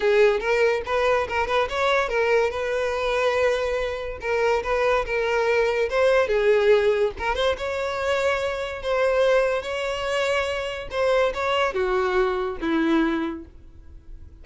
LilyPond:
\new Staff \with { instrumentName = "violin" } { \time 4/4 \tempo 4 = 143 gis'4 ais'4 b'4 ais'8 b'8 | cis''4 ais'4 b'2~ | b'2 ais'4 b'4 | ais'2 c''4 gis'4~ |
gis'4 ais'8 c''8 cis''2~ | cis''4 c''2 cis''4~ | cis''2 c''4 cis''4 | fis'2 e'2 | }